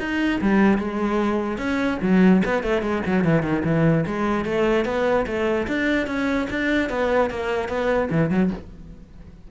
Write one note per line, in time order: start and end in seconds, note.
0.00 0.41 D#4
0.41 0.78 G3
0.78 1.58 G#3
1.58 1.99 C#4
2.03 2.43 F#3
2.45 2.64 B3
2.64 2.82 A3
2.82 3.03 G#3
3.07 3.25 F#3
3.25 3.43 E3
3.43 3.63 D#3
3.65 4.06 E3
4.07 4.46 G#3
4.46 4.86 A3
4.86 5.26 B3
5.27 5.68 A3
5.68 6.07 D4
6.07 6.48 C#4
6.50 6.90 D4
6.90 7.30 B3
7.30 7.69 A#3
7.69 8.10 B3
8.11 8.31 E3
8.31 8.51 F#3